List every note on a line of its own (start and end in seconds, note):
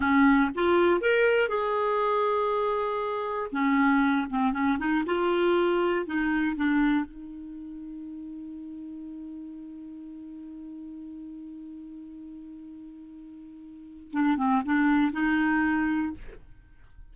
0.00 0.50 C#4
0.54 1.00 F4
1.00 1.48 A#4
1.48 3.50 G#4
3.52 4.27 C#4
4.30 4.52 C4
4.52 4.77 C#4
4.78 5.04 D#4
5.06 6.05 F4
6.05 6.55 D#4
6.55 7.05 D4
7.05 14.11 D#4
14.12 14.37 D4
14.37 14.62 C4
14.65 15.12 D4
15.12 16.13 D#4